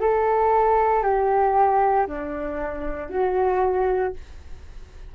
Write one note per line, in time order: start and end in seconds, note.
0.00 1.03 A4
1.03 2.07 G4
2.07 3.10 D4
3.10 4.13 F#4